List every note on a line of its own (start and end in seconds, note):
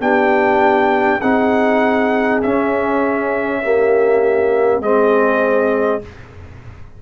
0.00 1.20 B3
0.00 1.21 D4
0.00 1.20 G4
0.00 1.21 G5
1.20 2.43 C4
1.20 2.43 D#4
1.20 3.60 G#4
1.20 2.42 F#5
2.43 3.63 C#4
2.43 4.80 C#4
2.43 4.83 E5
3.63 4.82 A#3
3.63 4.82 G4
4.80 6.00 G#3
4.80 6.02 C4
4.80 6.02 G#4
4.80 6.03 D#5